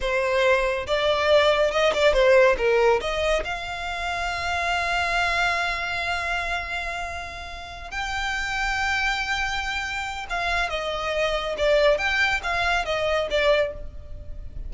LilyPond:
\new Staff \with { instrumentName = "violin" } { \time 4/4 \tempo 4 = 140 c''2 d''2 | dis''8 d''8 c''4 ais'4 dis''4 | f''1~ | f''1~ |
f''2~ f''8 g''4.~ | g''1 | f''4 dis''2 d''4 | g''4 f''4 dis''4 d''4 | }